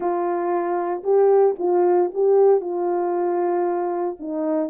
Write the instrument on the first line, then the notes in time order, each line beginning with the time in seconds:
horn
0.00 F4
1.03 G4
1.58 F4
2.13 G4
2.60 F4
4.19 D#4